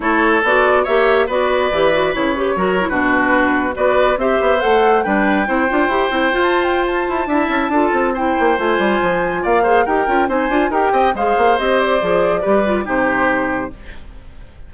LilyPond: <<
  \new Staff \with { instrumentName = "flute" } { \time 4/4 \tempo 4 = 140 cis''4 d''4 e''4 d''4~ | d''4 cis''4.~ cis''16 b'4~ b'16~ | b'8. d''4 e''4 fis''4 g''16~ | g''2. a''8 g''8 |
a''2. g''4 | gis''2 f''4 g''4 | gis''4 g''4 f''4 dis''8 d''8~ | d''2 c''2 | }
  \new Staff \with { instrumentName = "oboe" } { \time 4/4 a'2 cis''4 b'4~ | b'2 ais'8. fis'4~ fis'16~ | fis'8. b'4 c''2 b'16~ | b'8. c''2.~ c''16~ |
c''4 e''4 a'4 c''4~ | c''2 d''8 c''8 ais'4 | c''4 ais'8 dis''8 c''2~ | c''4 b'4 g'2 | }
  \new Staff \with { instrumentName = "clarinet" } { \time 4/4 e'4 fis'4 g'4 fis'4 | g'8 fis'8 e'8 g'8 fis'8 e'16 d'4~ d'16~ | d'8. fis'4 g'4 a'4 d'16~ | d'8. e'8 f'8 g'8 e'8 f'4~ f'16~ |
f'4 e'4 f'4 e'4 | f'2~ f'8 gis'8 g'8 f'8 | dis'8 f'8 g'4 gis'4 g'4 | gis'4 g'8 f'8 dis'2 | }
  \new Staff \with { instrumentName = "bassoon" } { \time 4/4 a4 b4 ais4 b4 | e4 cis4 fis8. b,4~ b,16~ | b,8. b4 c'8 b8 a4 g16~ | g8. c'8 d'8 e'8 c'8 f'4~ f'16~ |
f'8 e'8 d'8 cis'8 d'8 c'4 ais8 | a8 g8 f4 ais4 dis'8 cis'8 | c'8 d'8 dis'8 c'8 gis8 ais8 c'4 | f4 g4 c2 | }
>>